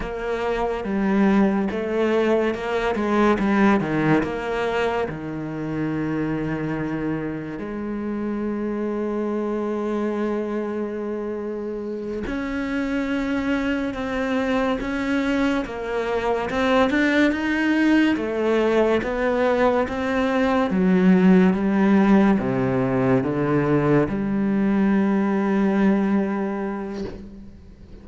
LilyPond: \new Staff \with { instrumentName = "cello" } { \time 4/4 \tempo 4 = 71 ais4 g4 a4 ais8 gis8 | g8 dis8 ais4 dis2~ | dis4 gis2.~ | gis2~ gis8 cis'4.~ |
cis'8 c'4 cis'4 ais4 c'8 | d'8 dis'4 a4 b4 c'8~ | c'8 fis4 g4 c4 d8~ | d8 g2.~ g8 | }